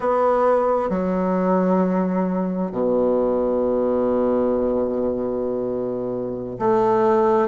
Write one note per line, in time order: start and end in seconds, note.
0.00 0.89 B3
0.89 2.71 F#3
2.71 6.57 B2
6.58 7.48 A3